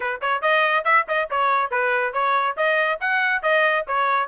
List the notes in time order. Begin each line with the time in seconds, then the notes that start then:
0.00 B4
0.21 C#5
0.41 D#5
0.84 E5
1.08 D#5
1.30 C#5
1.70 B4
2.13 C#5
2.56 D#5
3.00 F#5
3.42 D#5
3.87 C#5